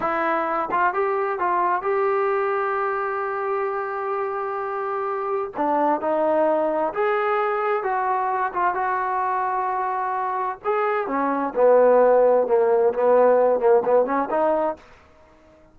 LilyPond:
\new Staff \with { instrumentName = "trombone" } { \time 4/4 \tempo 4 = 130 e'4. f'8 g'4 f'4 | g'1~ | g'1 | d'4 dis'2 gis'4~ |
gis'4 fis'4. f'8 fis'4~ | fis'2. gis'4 | cis'4 b2 ais4 | b4. ais8 b8 cis'8 dis'4 | }